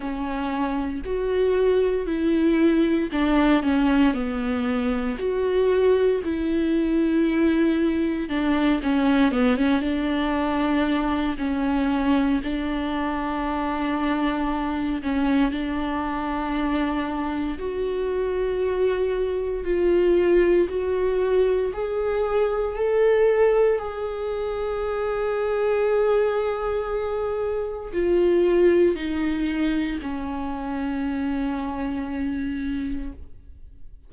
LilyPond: \new Staff \with { instrumentName = "viola" } { \time 4/4 \tempo 4 = 58 cis'4 fis'4 e'4 d'8 cis'8 | b4 fis'4 e'2 | d'8 cis'8 b16 cis'16 d'4. cis'4 | d'2~ d'8 cis'8 d'4~ |
d'4 fis'2 f'4 | fis'4 gis'4 a'4 gis'4~ | gis'2. f'4 | dis'4 cis'2. | }